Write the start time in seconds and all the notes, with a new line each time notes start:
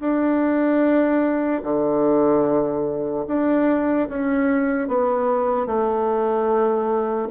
0.00 D4
1.64 D3
3.28 D4
4.09 C#4
4.88 B3
5.67 A3